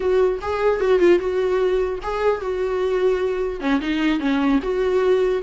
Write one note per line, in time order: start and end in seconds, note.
0.00 0.39 F#4
0.41 0.80 G#4
0.80 0.99 F#4
0.99 1.19 F4
1.19 1.99 F#4
2.03 2.40 G#4
2.40 3.60 F#4
3.60 3.80 C#4
3.81 4.19 D#4
4.19 4.59 C#4
4.62 5.42 F#4